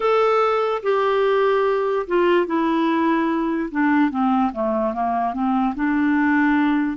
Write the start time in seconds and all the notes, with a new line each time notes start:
0.00 A4
0.83 G4
2.07 F4
2.46 E4
3.71 D4
4.10 C4
4.52 A3
4.93 A#3
5.33 C4
5.75 D4